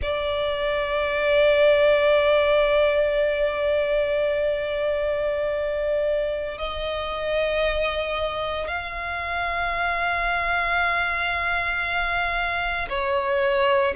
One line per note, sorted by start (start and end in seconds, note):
0.02 6.57 D5
6.57 8.67 D#5
8.67 12.88 F5
12.89 13.94 C#5